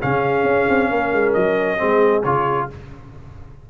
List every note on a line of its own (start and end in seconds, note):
0.00 0.43 C#3
0.00 1.77 C#4
0.00 0.89 G#4
0.00 1.33 F5
0.43 0.65 C#4
0.69 0.90 C4
0.90 1.12 A#3
0.90 1.78 A#4
1.12 1.35 G#3
1.33 1.80 F#3
1.33 2.22 D#5
1.77 2.24 G#3
1.77 2.22 C4
1.77 2.67 G#4
2.23 2.69 C#3
2.23 2.70 F4
2.23 2.67 C#5